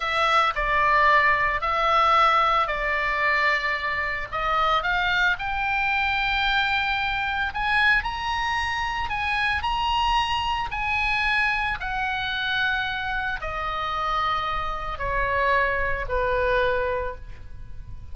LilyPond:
\new Staff \with { instrumentName = "oboe" } { \time 4/4 \tempo 4 = 112 e''4 d''2 e''4~ | e''4 d''2. | dis''4 f''4 g''2~ | g''2 gis''4 ais''4~ |
ais''4 gis''4 ais''2 | gis''2 fis''2~ | fis''4 dis''2. | cis''2 b'2 | }